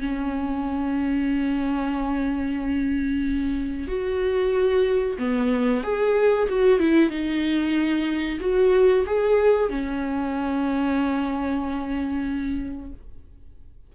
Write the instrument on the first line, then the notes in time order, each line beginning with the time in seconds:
viola
0.00 C#4
3.87 F#4
5.19 B3
5.83 G#4
6.49 F#4
6.79 E4
7.09 D#4
8.40 F#4
9.06 G#4
9.69 C#4